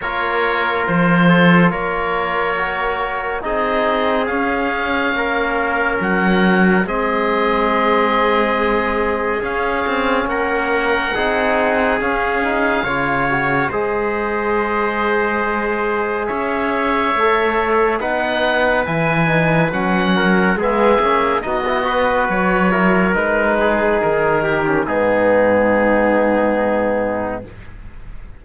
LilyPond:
<<
  \new Staff \with { instrumentName = "oboe" } { \time 4/4 \tempo 4 = 70 cis''4 c''4 cis''2 | dis''4 f''2 fis''4 | dis''2. f''4 | fis''2 f''2 |
dis''2. e''4~ | e''4 fis''4 gis''4 fis''4 | e''4 dis''4 cis''4 b'4 | ais'4 gis'2. | }
  \new Staff \with { instrumentName = "trumpet" } { \time 4/4 ais'4. a'8 ais'2 | gis'2 ais'2 | gis'1 | ais'4 gis'2 cis''4 |
c''2. cis''4~ | cis''4 b'2~ b'8 ais'8 | gis'4 fis'8 b'4 ais'4 gis'8~ | gis'8 g'8 dis'2. | }
  \new Staff \with { instrumentName = "trombone" } { \time 4/4 f'2. fis'4 | dis'4 cis'2. | c'2. cis'4~ | cis'4 dis'4 cis'8 dis'8 f'8 fis'8 |
gis'1 | a'4 dis'4 e'8 dis'8 cis'4 | b8 cis'8 dis'16 e'16 fis'4 e'8 dis'4~ | dis'8. cis'16 b2. | }
  \new Staff \with { instrumentName = "cello" } { \time 4/4 ais4 f4 ais2 | c'4 cis'4 ais4 fis4 | gis2. cis'8 c'8 | ais4 c'4 cis'4 cis4 |
gis2. cis'4 | a4 b4 e4 fis4 | gis8 ais8 b4 fis4 gis4 | dis4 gis,2. | }
>>